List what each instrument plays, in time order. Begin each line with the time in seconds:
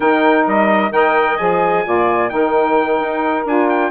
0.00 bassoon D#3, saxophone D#4 A#4, trumpet G5
0.46 bassoon G3, trumpet D#5
0.90 bassoon D#3, saxophone A#4 D#5, trumpet G5
1.37 bassoon F3, saxophone G#4, trumpet G#5
1.85 bassoon A#2, saxophone F4 D5
2.29 bassoon D#3, saxophone D#4 A#4, trumpet G5
3.00 bassoon D#4
3.45 bassoon D4, saxophone F4, trumpet G#5
3.69 trumpet G5